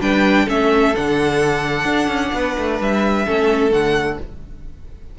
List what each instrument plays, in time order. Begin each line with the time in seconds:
0.00 cello G3, viola D4, violin B4 G5
0.45 cello A3, viola C#4, violin A4 E5
0.95 cello D3, viola D4, violin F#5
1.84 cello D4
2.07 cello C#4
2.33 cello B3, violin B4
2.57 cello A3
2.80 cello G3, violin E5
3.26 cello A3, viola C#4, violin A4
3.70 cello D3, viola A3, violin F#5